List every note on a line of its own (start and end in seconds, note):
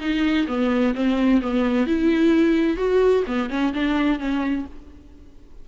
0.00 0.47 D#4
0.47 0.94 B3
0.95 1.41 C4
1.41 1.86 B3
1.86 2.77 E4
2.77 3.23 F#4
3.27 3.49 B3
3.49 3.73 C#4
3.73 4.19 D4
4.19 4.65 C#4